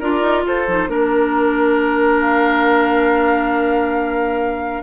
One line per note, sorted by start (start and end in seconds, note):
0.00 0.22 D4
0.00 0.68 F4
0.00 0.44 A#4
0.00 0.45 D5
0.22 0.44 D#4
0.46 0.67 F4
0.46 0.89 A4
0.46 0.90 C5
0.68 0.88 F3
0.68 0.88 D#4
0.88 4.82 A#3
0.88 4.83 D4
0.88 4.83 A#4
0.88 2.20 A#4
2.20 4.83 F5